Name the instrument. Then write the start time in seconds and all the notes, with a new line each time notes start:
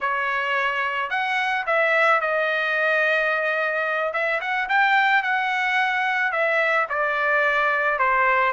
trumpet
0.01 C#5
1.10 F#5
1.66 E5
2.20 D#5
4.13 E5
4.41 F#5
4.69 G5
5.22 F#5
6.32 E5
6.89 D5
7.98 C5